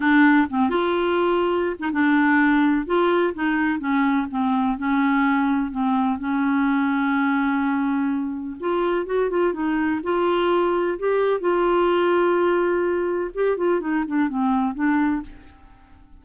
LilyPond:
\new Staff \with { instrumentName = "clarinet" } { \time 4/4 \tempo 4 = 126 d'4 c'8 f'2~ f'16 dis'16 | d'2 f'4 dis'4 | cis'4 c'4 cis'2 | c'4 cis'2.~ |
cis'2 f'4 fis'8 f'8 | dis'4 f'2 g'4 | f'1 | g'8 f'8 dis'8 d'8 c'4 d'4 | }